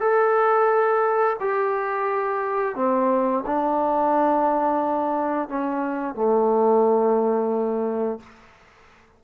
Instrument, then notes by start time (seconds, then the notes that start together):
trombone
0.00 A4
1.40 G4
2.75 C4
3.46 D4
5.49 C#4
6.15 A3